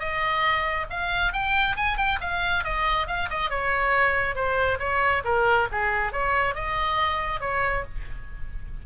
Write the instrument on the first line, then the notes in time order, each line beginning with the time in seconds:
oboe
0.00 D#5
0.90 F5
1.33 G5
1.77 G#5
1.98 G5
2.21 F5
2.65 D#5
3.08 F5
3.30 D#5
3.51 C#5
4.36 C5
4.80 C#5
5.25 A#4
5.72 G#4
6.13 C#5
6.55 D#5
7.41 C#5